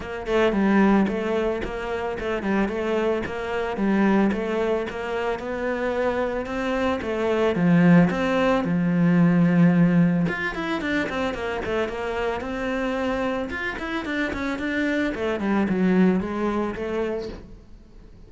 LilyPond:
\new Staff \with { instrumentName = "cello" } { \time 4/4 \tempo 4 = 111 ais8 a8 g4 a4 ais4 | a8 g8 a4 ais4 g4 | a4 ais4 b2 | c'4 a4 f4 c'4 |
f2. f'8 e'8 | d'8 c'8 ais8 a8 ais4 c'4~ | c'4 f'8 e'8 d'8 cis'8 d'4 | a8 g8 fis4 gis4 a4 | }